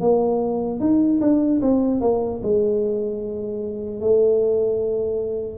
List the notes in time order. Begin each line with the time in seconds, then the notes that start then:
0.00 A#3
0.80 D#4
1.20 D4
1.61 C4
2.00 A#3
2.43 G#3
4.00 A3